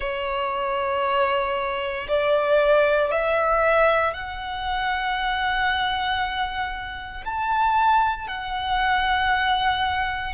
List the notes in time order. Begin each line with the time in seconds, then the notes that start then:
0.00 C#5
2.08 D5
3.11 E5
4.13 F#5
7.25 A5
8.28 F#5